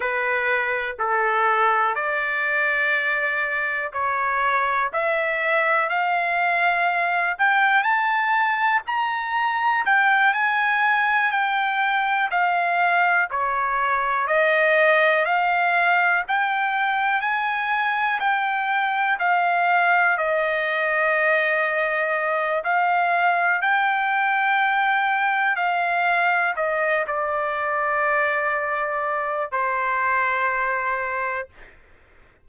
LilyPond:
\new Staff \with { instrumentName = "trumpet" } { \time 4/4 \tempo 4 = 61 b'4 a'4 d''2 | cis''4 e''4 f''4. g''8 | a''4 ais''4 g''8 gis''4 g''8~ | g''8 f''4 cis''4 dis''4 f''8~ |
f''8 g''4 gis''4 g''4 f''8~ | f''8 dis''2~ dis''8 f''4 | g''2 f''4 dis''8 d''8~ | d''2 c''2 | }